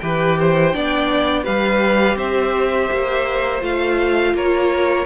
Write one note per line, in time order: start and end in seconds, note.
0.00 0.75 E3
0.00 0.73 G4
0.00 0.39 B4
0.00 1.45 G5
0.40 0.76 C5
0.73 1.47 B3
0.73 1.45 D4
0.73 1.44 D5
1.44 2.16 G3
1.44 3.61 G4
1.44 2.17 B4
1.44 2.18 F5
2.16 2.89 C4
2.16 4.34 C5
2.16 3.63 E5
2.92 3.62 A#3
3.62 4.34 A3
3.62 5.06 F4
3.62 4.37 F5
4.34 5.06 A#3
4.34 5.06 A#4
4.34 5.06 C#5